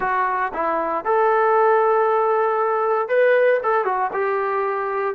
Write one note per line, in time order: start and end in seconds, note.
0.00 0.52 F#4
0.53 1.04 E4
1.04 3.08 A4
3.08 3.60 B4
3.63 3.84 A4
3.84 4.10 F#4
4.12 5.15 G4